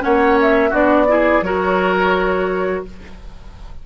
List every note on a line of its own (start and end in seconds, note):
0.00 0.72 A#3
0.00 0.71 C#4
0.00 0.70 C#5
0.00 0.39 F#5
0.42 0.75 E5
0.70 1.41 B3
0.70 1.07 D4
0.70 1.05 F#4
0.70 1.43 D5
1.08 1.43 E4
1.08 1.45 G#4
1.41 2.82 F#3
1.41 2.86 F#4
1.41 2.86 A#4
1.41 2.84 C#5